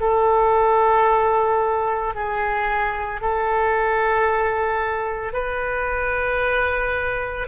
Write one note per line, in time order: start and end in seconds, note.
0.00 2.14 A4
2.14 3.21 G#4
3.21 5.33 A4
5.33 7.47 B4